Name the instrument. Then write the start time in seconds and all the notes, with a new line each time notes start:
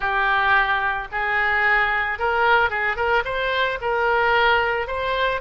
oboe
0.00 G4
1.11 G#4
2.18 A#4
2.70 G#4
2.96 A#4
3.24 C5
3.81 A#4
4.87 C5